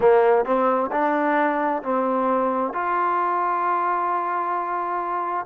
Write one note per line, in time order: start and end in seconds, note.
0.00 0.45 A#3
0.45 0.90 C4
0.91 1.82 D4
1.83 2.73 C4
2.73 5.45 F4